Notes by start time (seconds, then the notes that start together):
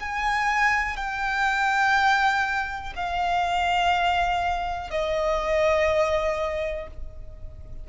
0.00 G#5
0.97 G5
2.96 F5
4.90 D#5